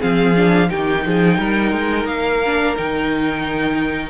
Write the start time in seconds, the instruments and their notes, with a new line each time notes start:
0.00 cello F3, viola C4, violin G#4 F5
0.36 viola D4
0.69 cello D#3, viola D#4, violin G4 G5
1.06 cello F3, violin G#4
1.38 cello G3, violin A#4
1.71 cello G#3
2.05 cello A#3, violin F5
2.46 viola D4
2.76 cello D#3, viola D#4, violin G5